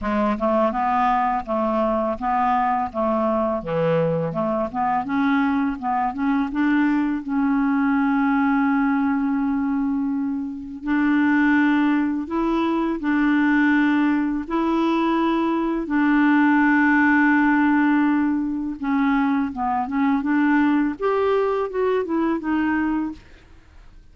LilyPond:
\new Staff \with { instrumentName = "clarinet" } { \time 4/4 \tempo 4 = 83 gis8 a8 b4 a4 b4 | a4 e4 a8 b8 cis'4 | b8 cis'8 d'4 cis'2~ | cis'2. d'4~ |
d'4 e'4 d'2 | e'2 d'2~ | d'2 cis'4 b8 cis'8 | d'4 g'4 fis'8 e'8 dis'4 | }